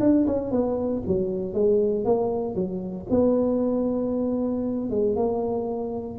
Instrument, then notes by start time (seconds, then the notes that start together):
tuba
0.00 D4
0.27 C#4
0.51 B3
1.07 F#3
1.54 G#3
2.05 A#3
2.55 F#3
3.10 B3
4.90 G#3
5.15 A#3